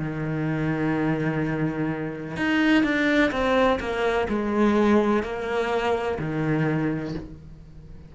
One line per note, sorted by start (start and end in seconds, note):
0.00 2.37 D#3
2.37 2.84 D#4
2.84 3.32 D4
3.32 3.79 C4
3.80 4.28 A#3
4.29 5.23 G#3
5.23 6.19 A#3
6.19 7.15 D#3